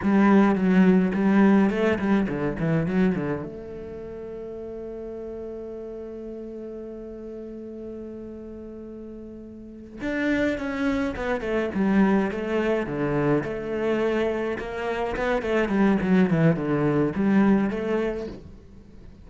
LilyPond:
\new Staff \with { instrumentName = "cello" } { \time 4/4 \tempo 4 = 105 g4 fis4 g4 a8 g8 | d8 e8 fis8 d8 a2~ | a1~ | a1~ |
a4. d'4 cis'4 b8 | a8 g4 a4 d4 a8~ | a4. ais4 b8 a8 g8 | fis8 e8 d4 g4 a4 | }